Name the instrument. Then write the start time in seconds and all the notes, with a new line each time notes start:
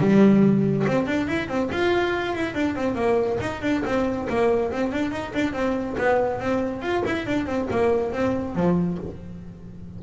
double bass
0.00 G3
0.87 C4
1.07 D4
1.28 E4
1.48 C4
1.72 F4
2.35 E4
2.55 D4
2.76 C4
2.95 A#3
3.41 D#4
3.62 D4
3.85 C4
4.30 A#3
4.72 C4
4.93 D4
5.11 D#4
5.34 D4
5.53 C4
5.97 B3
6.40 C4
6.82 F4
7.06 E4
7.27 D4
7.46 C4
7.71 A#3
8.13 C4
8.55 F3